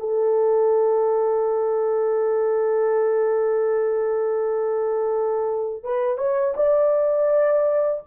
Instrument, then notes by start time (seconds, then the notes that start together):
horn
0.00 A4
5.84 B4
6.18 C#5
6.57 D5